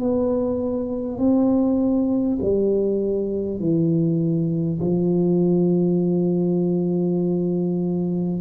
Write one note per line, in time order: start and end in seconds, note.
0.00 1.18 B3
1.18 2.38 C4
2.42 3.60 G3
3.60 4.80 E3
4.81 8.41 F3